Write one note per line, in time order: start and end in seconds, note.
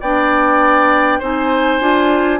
0.00 1.20 B3
0.00 1.21 D4
0.00 1.19 D5
0.00 1.21 G5
1.19 1.80 C4
1.19 1.80 D#4
1.19 2.39 C5
1.19 2.39 G#5
1.80 2.39 D4
1.80 2.39 F4